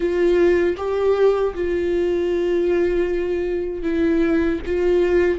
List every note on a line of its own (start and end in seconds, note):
0.00 0.76 F4
0.77 1.53 G4
1.54 3.83 F4
3.83 4.59 E4
4.66 5.38 F4